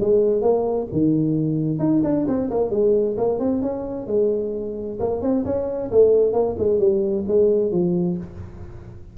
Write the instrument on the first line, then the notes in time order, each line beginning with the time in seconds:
tuba
0.00 G#3
0.42 A#3
0.92 D#3
1.79 D#4
2.04 D4
2.27 C4
2.50 A#3
2.70 G#3
3.17 A#3
3.39 C4
3.62 C#4
4.07 G#3
5.00 A#3
5.21 C4
5.45 C#4
5.91 A3
6.33 A#3
6.58 G#3
6.79 G3
7.27 G#3
7.72 F3